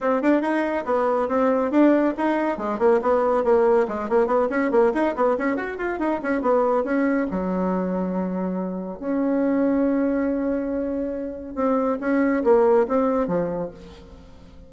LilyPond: \new Staff \with { instrumentName = "bassoon" } { \time 4/4 \tempo 4 = 140 c'8 d'8 dis'4 b4 c'4 | d'4 dis'4 gis8 ais8 b4 | ais4 gis8 ais8 b8 cis'8 ais8 dis'8 | b8 cis'8 fis'8 f'8 dis'8 cis'8 b4 |
cis'4 fis2.~ | fis4 cis'2.~ | cis'2. c'4 | cis'4 ais4 c'4 f4 | }